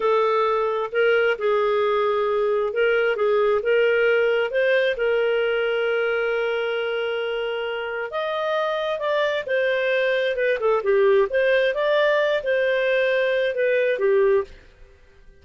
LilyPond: \new Staff \with { instrumentName = "clarinet" } { \time 4/4 \tempo 4 = 133 a'2 ais'4 gis'4~ | gis'2 ais'4 gis'4 | ais'2 c''4 ais'4~ | ais'1~ |
ais'2 dis''2 | d''4 c''2 b'8 a'8 | g'4 c''4 d''4. c''8~ | c''2 b'4 g'4 | }